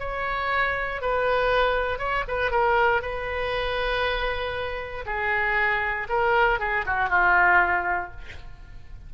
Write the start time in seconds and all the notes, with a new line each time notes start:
0.00 C#5
1.02 B4
1.99 C#5
2.28 B4
2.51 A#4
3.02 B4
5.06 G#4
6.09 A#4
6.60 G#4
6.86 F#4
7.10 F4